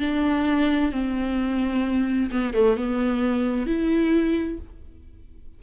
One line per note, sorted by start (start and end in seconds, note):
0.00 0.92 D4
0.92 2.31 C4
2.31 2.54 B3
2.54 2.77 A3
2.77 3.67 B3
3.67 4.59 E4